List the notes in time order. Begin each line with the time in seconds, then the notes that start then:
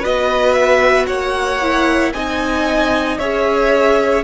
0.00 B3 F#4 B4 D#5
0.53 E5
1.07 A#3 C#5 F#5
1.61 E4
2.12 C4 D#4 D#5 G#5
3.18 C#4 G#4 C#5 E5